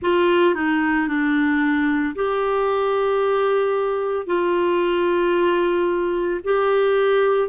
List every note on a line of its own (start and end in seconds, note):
0.02 0.55 F4
0.55 1.07 D#4
1.07 2.14 D4
2.15 4.26 G4
4.26 6.40 F4
6.43 7.49 G4